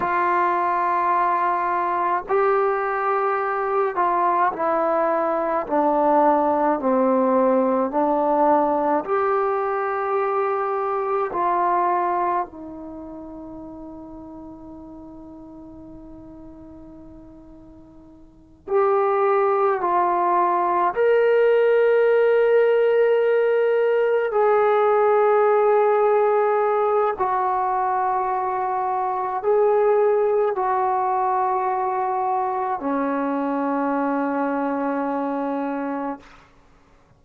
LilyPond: \new Staff \with { instrumentName = "trombone" } { \time 4/4 \tempo 4 = 53 f'2 g'4. f'8 | e'4 d'4 c'4 d'4 | g'2 f'4 dis'4~ | dis'1~ |
dis'8 g'4 f'4 ais'4.~ | ais'4. gis'2~ gis'8 | fis'2 gis'4 fis'4~ | fis'4 cis'2. | }